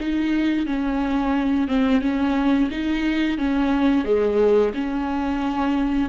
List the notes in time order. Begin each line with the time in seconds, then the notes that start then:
0.00 D#4
0.66 C#4
1.68 C4
2.01 C#4
2.71 D#4
3.38 C#4
4.05 G#3
4.74 C#4